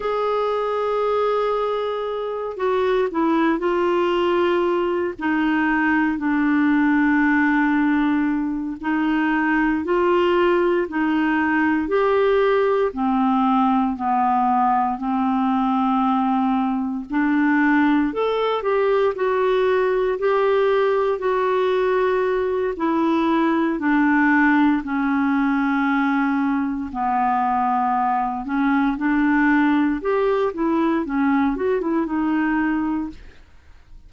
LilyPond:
\new Staff \with { instrumentName = "clarinet" } { \time 4/4 \tempo 4 = 58 gis'2~ gis'8 fis'8 e'8 f'8~ | f'4 dis'4 d'2~ | d'8 dis'4 f'4 dis'4 g'8~ | g'8 c'4 b4 c'4.~ |
c'8 d'4 a'8 g'8 fis'4 g'8~ | g'8 fis'4. e'4 d'4 | cis'2 b4. cis'8 | d'4 g'8 e'8 cis'8 fis'16 e'16 dis'4 | }